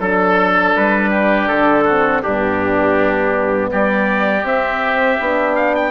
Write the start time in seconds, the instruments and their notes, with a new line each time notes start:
0.00 bassoon F#3, horn D4, trumpet A4, oboe A4
0.76 bassoon G3, trumpet B4
1.10 oboe G4
1.48 bassoon D3, trumpet A4
1.85 horn C4, oboe F#4
2.22 bassoon G2, horn B3, oboe D4, trumpet G4
3.71 bassoon G3, oboe G4, trumpet D5
4.44 bassoon C4, horn C4, trumpet E5
5.20 bassoon B3, horn D4
5.56 trumpet F5
5.76 trumpet G5